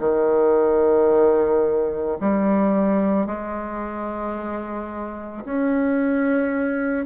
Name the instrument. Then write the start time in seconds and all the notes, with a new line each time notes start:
bassoon
0.00 D#3
2.21 G3
3.27 G#3
5.45 C#4